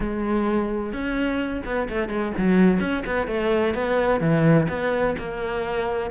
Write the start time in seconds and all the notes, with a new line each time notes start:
0.00 G#3
0.92 C#4
1.65 B3
1.89 A3
2.09 G#3
2.37 F#3
2.80 C#4
3.06 B3
3.27 A3
3.74 B3
4.20 E3
4.69 B3
5.18 A#3